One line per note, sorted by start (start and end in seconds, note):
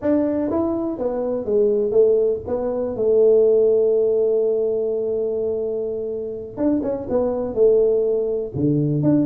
0.01 0.50 D4
0.50 0.98 E4
0.98 1.45 B3
1.45 1.91 G#3
1.91 2.40 A3
2.47 2.95 B3
2.96 6.57 A3
6.57 6.81 D4
6.82 7.07 C#4
7.09 7.54 B3
7.54 8.52 A3
8.55 9.02 D3
9.02 9.26 D4